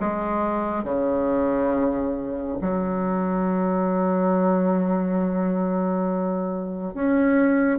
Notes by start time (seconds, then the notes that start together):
0.00 G#3
0.84 C#3
2.61 F#3
6.94 C#4